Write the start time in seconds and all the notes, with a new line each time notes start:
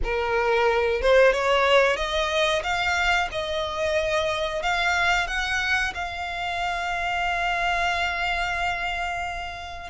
0.03 A#4
1.01 C5
1.32 C#5
1.96 D#5
2.63 F5
3.31 D#5
4.62 F5
5.27 F#5
5.94 F5